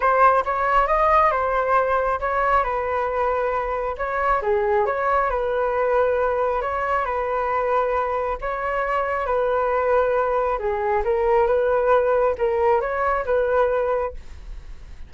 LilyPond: \new Staff \with { instrumentName = "flute" } { \time 4/4 \tempo 4 = 136 c''4 cis''4 dis''4 c''4~ | c''4 cis''4 b'2~ | b'4 cis''4 gis'4 cis''4 | b'2. cis''4 |
b'2. cis''4~ | cis''4 b'2. | gis'4 ais'4 b'2 | ais'4 cis''4 b'2 | }